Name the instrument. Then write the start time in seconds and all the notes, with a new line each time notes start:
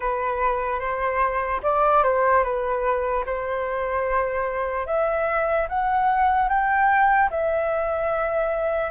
flute
0.00 B4
0.79 C5
1.63 D5
2.03 C5
2.43 B4
3.26 C5
4.86 E5
5.68 F#5
6.48 G5
7.30 E5